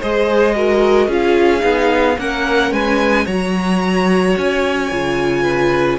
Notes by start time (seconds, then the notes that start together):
0.00 G#3 G#4 C5 D#5
0.55 F#4 A#4
1.07 C#4 F4 G#4 F5
1.60 B3 D#4
2.18 A#3 C#4 A#4 F#5
2.71 G#3 B4 G#5
3.25 F#3 F#4 C#5 A#5
4.37 C#4 G#5
4.90 C#3 F4
5.42 B4